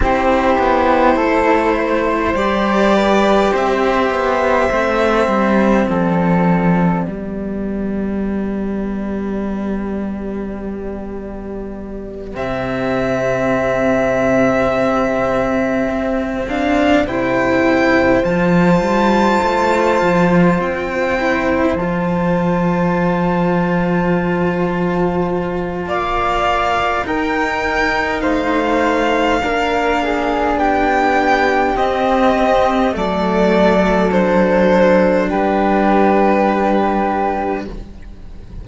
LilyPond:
<<
  \new Staff \with { instrumentName = "violin" } { \time 4/4 \tempo 4 = 51 c''2 d''4 e''4~ | e''4 d''2.~ | d''2~ d''8 e''4.~ | e''2 f''8 g''4 a''8~ |
a''4. g''4 a''4.~ | a''2 f''4 g''4 | f''2 g''4 dis''4 | d''4 c''4 b'2 | }
  \new Staff \with { instrumentName = "flute" } { \time 4/4 g'4 a'8 c''4 b'8 c''4~ | c''4 a'4 g'2~ | g'1~ | g'2~ g'8 c''4.~ |
c''1~ | c''2 d''4 ais'4 | c''4 ais'8 gis'8 g'2 | a'2 g'2 | }
  \new Staff \with { instrumentName = "cello" } { \time 4/4 e'2 g'2 | c'2 b2~ | b2~ b8 c'4.~ | c'2 d'8 e'4 f'8~ |
f'2 e'8 f'4.~ | f'2. dis'4~ | dis'4 d'2 c'4 | a4 d'2. | }
  \new Staff \with { instrumentName = "cello" } { \time 4/4 c'8 b8 a4 g4 c'8 b8 | a8 g8 f4 g2~ | g2~ g8 c4.~ | c4. c'4 c4 f8 |
g8 a8 f8 c'4 f4.~ | f2 ais4 dis'4 | a4 ais4 b4 c'4 | fis2 g2 | }
>>